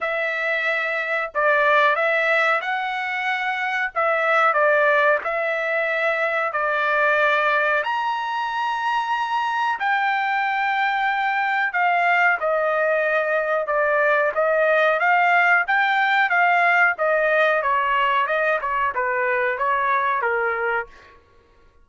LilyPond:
\new Staff \with { instrumentName = "trumpet" } { \time 4/4 \tempo 4 = 92 e''2 d''4 e''4 | fis''2 e''4 d''4 | e''2 d''2 | ais''2. g''4~ |
g''2 f''4 dis''4~ | dis''4 d''4 dis''4 f''4 | g''4 f''4 dis''4 cis''4 | dis''8 cis''8 b'4 cis''4 ais'4 | }